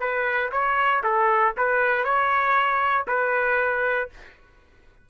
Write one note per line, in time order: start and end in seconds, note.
0.00 0.51 B4
0.52 1.03 C#5
1.03 1.54 A4
1.57 2.04 B4
2.04 3.06 C#5
3.08 4.09 B4